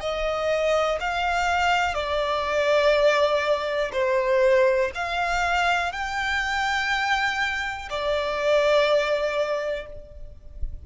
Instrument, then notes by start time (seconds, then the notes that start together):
violin
0.00 D#5
1.00 F5
1.94 D5
3.92 C5
4.94 F5
5.92 G5
7.89 D5